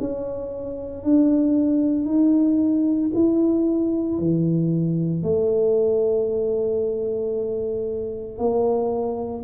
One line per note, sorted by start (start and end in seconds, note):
0.00 1.04 C#4
1.04 2.06 D4
2.06 3.11 D#4
3.15 4.19 E4
4.19 5.23 E3
5.23 8.38 A3
8.38 9.44 A#3